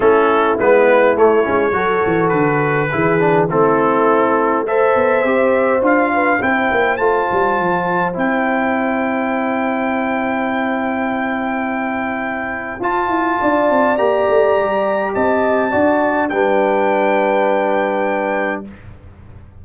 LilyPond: <<
  \new Staff \with { instrumentName = "trumpet" } { \time 4/4 \tempo 4 = 103 a'4 b'4 cis''2 | b'2 a'2 | e''2 f''4 g''4 | a''2 g''2~ |
g''1~ | g''2 a''2 | ais''2 a''2 | g''1 | }
  \new Staff \with { instrumentName = "horn" } { \time 4/4 e'2. a'4~ | a'4 gis'4 e'2 | c''2~ c''8 b'8 c''4~ | c''1~ |
c''1~ | c''2. d''4~ | d''2 dis''4 d''4 | b'1 | }
  \new Staff \with { instrumentName = "trombone" } { \time 4/4 cis'4 b4 a8 cis'8 fis'4~ | fis'4 e'8 d'8 c'2 | a'4 g'4 f'4 e'4 | f'2 e'2~ |
e'1~ | e'2 f'2 | g'2. fis'4 | d'1 | }
  \new Staff \with { instrumentName = "tuba" } { \time 4/4 a4 gis4 a8 gis8 fis8 e8 | d4 e4 a2~ | a8 b8 c'4 d'4 c'8 ais8 | a8 g8 f4 c'2~ |
c'1~ | c'2 f'8 e'8 d'8 c'8 | ais8 a8 g4 c'4 d'4 | g1 | }
>>